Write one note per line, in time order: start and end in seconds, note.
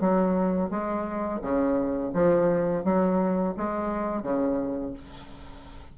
0.00 0.70 F#3
0.70 1.41 G#3
1.42 2.12 C#3
2.14 2.84 F3
2.84 3.55 F#3
3.57 4.23 G#3
4.23 4.93 C#3